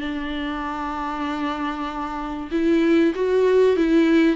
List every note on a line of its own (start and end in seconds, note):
0.00 2.50 D4
2.51 3.13 E4
3.15 3.76 F#4
3.76 4.36 E4